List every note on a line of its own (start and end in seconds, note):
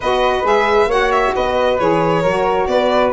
0.00 0.43 B3
0.00 0.42 F#4
0.00 0.88 B4
0.00 0.46 D#5
0.42 0.86 G#3
0.42 0.87 G#4
0.42 0.91 E5
0.86 1.31 A#3
0.86 1.78 F#4
0.86 1.33 C#5
0.86 1.11 F#5
1.11 1.33 E5
1.35 1.80 B3
1.35 2.22 B4
1.35 1.78 D#5
1.78 2.24 E3
1.78 2.24 G#4
1.78 2.66 C#5
2.22 2.67 F#3
2.22 3.12 F#4
2.22 2.66 A#4
2.66 3.12 B3
2.66 3.12 B4
2.66 3.11 D5